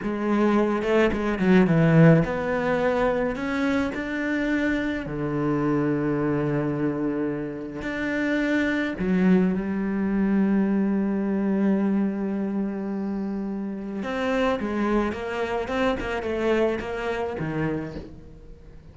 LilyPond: \new Staff \with { instrumentName = "cello" } { \time 4/4 \tempo 4 = 107 gis4. a8 gis8 fis8 e4 | b2 cis'4 d'4~ | d'4 d2.~ | d2 d'2 |
fis4 g2.~ | g1~ | g4 c'4 gis4 ais4 | c'8 ais8 a4 ais4 dis4 | }